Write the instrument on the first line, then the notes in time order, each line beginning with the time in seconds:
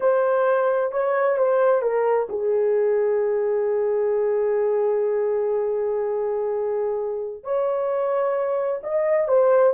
horn
0.00 C5
0.91 C#5
1.37 C5
1.82 A#4
2.29 G#4
7.43 C#5
8.83 D#5
9.27 C5